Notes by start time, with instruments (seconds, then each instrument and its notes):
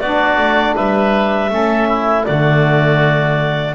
0.00 double bass B3, saxophone D4, oboe F#4, clarinet D5
0.37 double bass A3
0.76 double bass G3, oboe B4, clarinet E5
1.49 double bass A3, saxophone C#4, oboe A4
1.88 oboe E4
2.23 double bass D3, saxophone A3, oboe F#4, clarinet D5